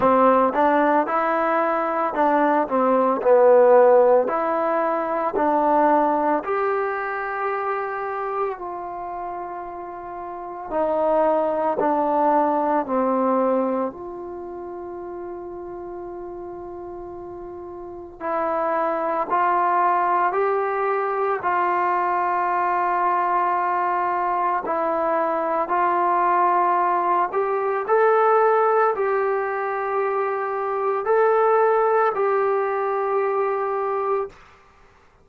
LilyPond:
\new Staff \with { instrumentName = "trombone" } { \time 4/4 \tempo 4 = 56 c'8 d'8 e'4 d'8 c'8 b4 | e'4 d'4 g'2 | f'2 dis'4 d'4 | c'4 f'2.~ |
f'4 e'4 f'4 g'4 | f'2. e'4 | f'4. g'8 a'4 g'4~ | g'4 a'4 g'2 | }